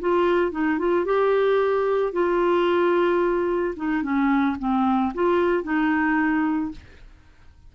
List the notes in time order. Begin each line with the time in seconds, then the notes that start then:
0.00 F4
0.51 D#4
0.78 F4
1.05 G4
2.12 F4
3.76 D#4
4.02 C#4
4.58 C4
5.14 F4
5.63 D#4